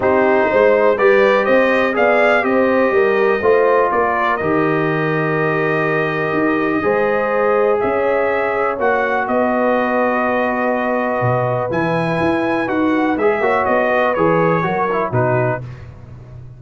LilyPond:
<<
  \new Staff \with { instrumentName = "trumpet" } { \time 4/4 \tempo 4 = 123 c''2 d''4 dis''4 | f''4 dis''2. | d''4 dis''2.~ | dis''1 |
e''2 fis''4 dis''4~ | dis''1 | gis''2 fis''4 e''4 | dis''4 cis''2 b'4 | }
  \new Staff \with { instrumentName = "horn" } { \time 4/4 g'4 c''4 b'4 c''4 | d''4 c''4 ais'4 c''4 | ais'1~ | ais'2 c''2 |
cis''2. b'4~ | b'1~ | b'2.~ b'8 cis''8~ | cis''8 b'4. ais'4 fis'4 | }
  \new Staff \with { instrumentName = "trombone" } { \time 4/4 dis'2 g'2 | gis'4 g'2 f'4~ | f'4 g'2.~ | g'2 gis'2~ |
gis'2 fis'2~ | fis'1 | e'2 fis'4 gis'8 fis'8~ | fis'4 gis'4 fis'8 e'8 dis'4 | }
  \new Staff \with { instrumentName = "tuba" } { \time 4/4 c'4 gis4 g4 c'4 | b4 c'4 g4 a4 | ais4 dis2.~ | dis4 dis'4 gis2 |
cis'2 ais4 b4~ | b2. b,4 | e4 e'4 dis'4 gis8 ais8 | b4 e4 fis4 b,4 | }
>>